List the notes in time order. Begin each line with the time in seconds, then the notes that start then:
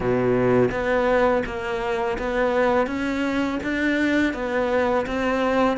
0.00 B2
0.71 B3
1.46 A#3
2.18 B3
2.87 C#4
3.63 D4
4.33 B3
5.06 C4